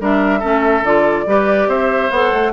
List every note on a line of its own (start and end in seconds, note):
0.00 0.42 G3
0.00 0.41 D4
0.00 0.39 A#4
0.00 0.85 E5
0.39 0.82 A3
0.39 0.83 C#4
0.39 1.24 A4
0.82 1.25 D3
0.82 1.27 F4
0.82 1.69 D5
1.26 1.67 G3
1.26 2.11 G4
1.26 1.69 B4
1.67 2.10 C4
1.67 2.52 C5
1.67 2.11 E5
2.11 2.32 B3
2.11 2.52 A4
2.11 2.52 F#5
2.33 2.52 A3